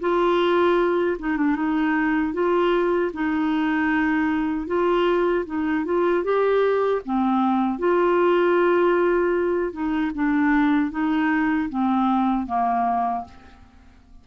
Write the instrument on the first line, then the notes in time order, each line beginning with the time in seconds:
clarinet
0.00 F4
1.19 D#4
1.37 D4
1.56 D#4
2.33 F4
3.13 D#4
4.67 F4
5.45 D#4
5.85 F4
6.23 G4
7.05 C4
7.79 F4
9.72 D#4
10.14 D4
10.91 D#4
11.69 C4
12.46 A#3